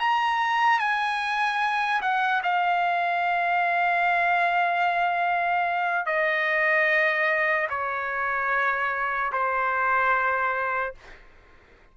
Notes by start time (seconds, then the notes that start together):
0.00 A#5
0.80 G#5
2.02 F#5
2.44 F5
6.06 D#5
7.70 C#5
9.33 C5